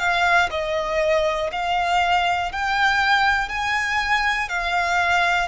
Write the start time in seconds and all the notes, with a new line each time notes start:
0.00 F5
0.51 D#5
1.53 F5
2.53 G5
3.49 G#5
4.50 F5